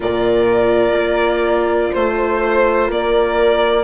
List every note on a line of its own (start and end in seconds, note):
0.00 0.92 A#2
0.00 3.83 F4
0.00 1.91 A#4
0.00 1.94 D5
0.92 1.89 A#3
1.91 2.89 A3
1.91 2.87 C5
1.91 2.91 C5
2.87 3.83 A#3
2.87 3.83 A#4
2.87 3.83 D5